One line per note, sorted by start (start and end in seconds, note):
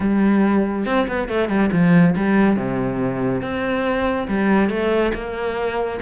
0.00 0.85 G3
0.85 1.07 C4
1.07 1.28 B3
1.28 1.48 A3
1.48 1.70 G3
1.72 2.15 F3
2.15 2.56 G3
2.56 3.41 C3
3.42 4.27 C4
4.28 4.69 G3
4.69 5.12 A3
5.14 6.00 A#3